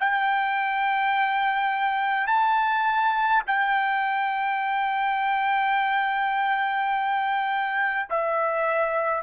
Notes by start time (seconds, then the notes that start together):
0.00 G5
2.27 A5
3.47 G5
8.10 E5